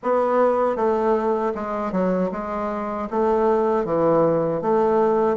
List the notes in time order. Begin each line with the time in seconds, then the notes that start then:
0.02 B3
0.76 A3
1.54 G#3
1.92 F#3
2.31 G#3
3.10 A3
3.84 E3
4.61 A3